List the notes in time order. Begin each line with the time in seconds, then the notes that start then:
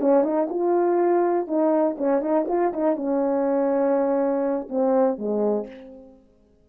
0.00 C#4
0.23 D#4
0.49 F4
1.47 D#4
1.97 C#4
2.21 D#4
2.48 F4
2.73 D#4
2.96 C#4
4.69 C4
5.18 G#3